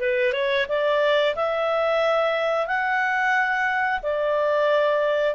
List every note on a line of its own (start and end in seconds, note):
0.00 0.33 B4
0.33 0.66 C#5
0.68 1.35 D5
1.35 2.67 E5
2.67 4.00 F#5
4.03 5.35 D5